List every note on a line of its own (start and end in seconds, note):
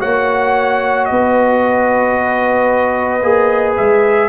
0.00 1.10 A#3
0.00 3.21 F#4
0.00 1.09 C#5
0.00 1.05 F#5
1.05 3.23 B3
1.05 3.73 D#5
1.12 4.29 B4
3.23 3.77 A#3
3.23 4.29 G#4
3.77 4.29 G#3
3.77 4.29 E5